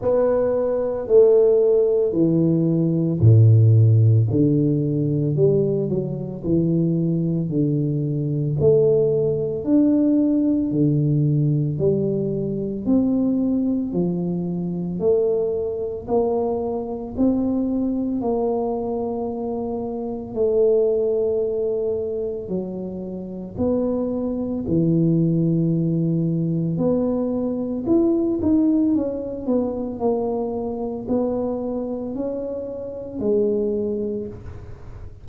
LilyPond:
\new Staff \with { instrumentName = "tuba" } { \time 4/4 \tempo 4 = 56 b4 a4 e4 a,4 | d4 g8 fis8 e4 d4 | a4 d'4 d4 g4 | c'4 f4 a4 ais4 |
c'4 ais2 a4~ | a4 fis4 b4 e4~ | e4 b4 e'8 dis'8 cis'8 b8 | ais4 b4 cis'4 gis4 | }